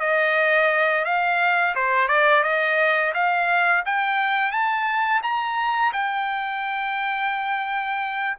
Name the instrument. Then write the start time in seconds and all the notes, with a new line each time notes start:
trumpet
0.00 D#5
1.05 F5
1.75 C5
2.08 D5
2.43 D#5
3.14 F5
3.86 G5
4.52 A5
5.23 A#5
5.93 G5